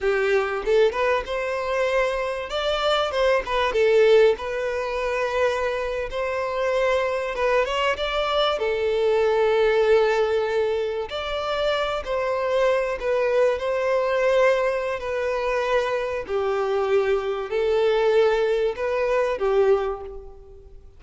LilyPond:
\new Staff \with { instrumentName = "violin" } { \time 4/4 \tempo 4 = 96 g'4 a'8 b'8 c''2 | d''4 c''8 b'8 a'4 b'4~ | b'4.~ b'16 c''2 b'16~ | b'16 cis''8 d''4 a'2~ a'16~ |
a'4.~ a'16 d''4. c''8.~ | c''8. b'4 c''2~ c''16 | b'2 g'2 | a'2 b'4 g'4 | }